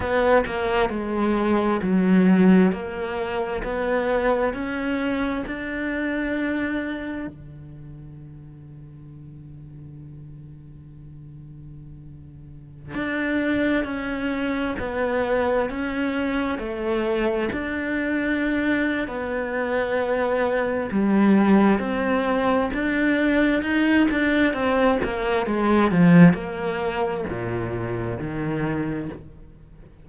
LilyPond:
\new Staff \with { instrumentName = "cello" } { \time 4/4 \tempo 4 = 66 b8 ais8 gis4 fis4 ais4 | b4 cis'4 d'2 | d1~ | d2~ d16 d'4 cis'8.~ |
cis'16 b4 cis'4 a4 d'8.~ | d'4 b2 g4 | c'4 d'4 dis'8 d'8 c'8 ais8 | gis8 f8 ais4 ais,4 dis4 | }